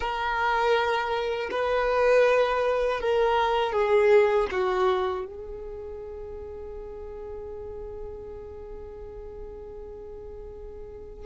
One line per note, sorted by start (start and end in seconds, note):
0.00 1.49 A#4
1.50 3.00 B4
3.00 3.72 A#4
3.72 4.47 G#4
4.51 5.26 F#4
5.26 11.25 G#4